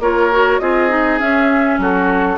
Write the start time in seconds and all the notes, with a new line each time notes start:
0.00 A#3 F4 A#4 C#5
0.31 F#4
0.60 C4 F4 G#4 D#5
0.90 D#4
1.19 C#4 E5
1.79 F#3 F#4 A4